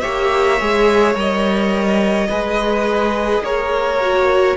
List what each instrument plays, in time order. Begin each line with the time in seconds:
0.00 cello A#3, viola G4, violin C#5 E5
0.59 cello G#3, viola G#4
1.14 cello G3, viola A#4, violin D#5
2.29 cello G#3, viola G#4, violin B4
3.39 cello A#3, violin A#4 C#5
4.01 viola F#4